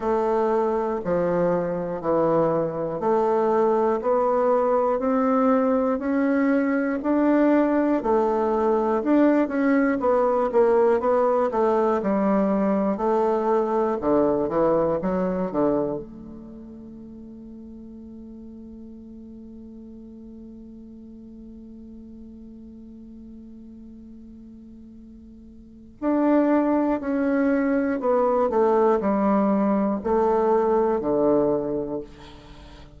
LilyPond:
\new Staff \with { instrumentName = "bassoon" } { \time 4/4 \tempo 4 = 60 a4 f4 e4 a4 | b4 c'4 cis'4 d'4 | a4 d'8 cis'8 b8 ais8 b8 a8 | g4 a4 d8 e8 fis8 d8 |
a1~ | a1~ | a2 d'4 cis'4 | b8 a8 g4 a4 d4 | }